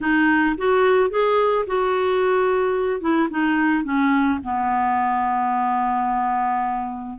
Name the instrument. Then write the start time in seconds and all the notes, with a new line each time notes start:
clarinet
0.00 D#4
0.57 F#4
1.10 G#4
1.67 F#4
3.01 E4
3.30 D#4
3.84 C#4
4.43 B3